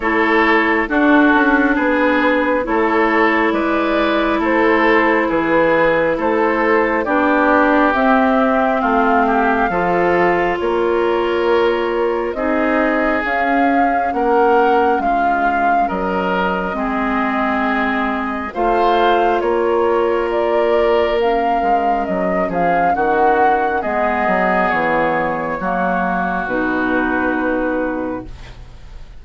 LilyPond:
<<
  \new Staff \with { instrumentName = "flute" } { \time 4/4 \tempo 4 = 68 cis''4 a'4 b'4 cis''4 | d''4 c''4 b'4 c''4 | d''4 e''4 f''2 | cis''2 dis''4 f''4 |
fis''4 f''4 dis''2~ | dis''4 f''4 cis''4 d''4 | f''4 dis''8 f''8 fis''4 dis''4 | cis''2 b'2 | }
  \new Staff \with { instrumentName = "oboe" } { \time 4/4 a'4 fis'4 gis'4 a'4 | b'4 a'4 gis'4 a'4 | g'2 f'8 g'8 a'4 | ais'2 gis'2 |
ais'4 f'4 ais'4 gis'4~ | gis'4 c''4 ais'2~ | ais'4. gis'8 fis'4 gis'4~ | gis'4 fis'2. | }
  \new Staff \with { instrumentName = "clarinet" } { \time 4/4 e'4 d'2 e'4~ | e'1 | d'4 c'2 f'4~ | f'2 dis'4 cis'4~ |
cis'2. c'4~ | c'4 f'2. | cis'2. b4~ | b4 ais4 dis'2 | }
  \new Staff \with { instrumentName = "bassoon" } { \time 4/4 a4 d'8 cis'8 b4 a4 | gis4 a4 e4 a4 | b4 c'4 a4 f4 | ais2 c'4 cis'4 |
ais4 gis4 fis4 gis4~ | gis4 a4 ais2~ | ais8 gis8 fis8 f8 dis4 gis8 fis8 | e4 fis4 b,2 | }
>>